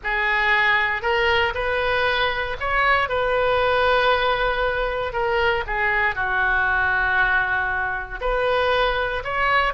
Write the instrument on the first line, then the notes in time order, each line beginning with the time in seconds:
oboe
0.03 G#4
1.02 A#4
1.54 B4
2.60 C#5
3.08 B4
5.12 A#4
5.66 G#4
6.15 F#4
8.21 B4
9.24 C#5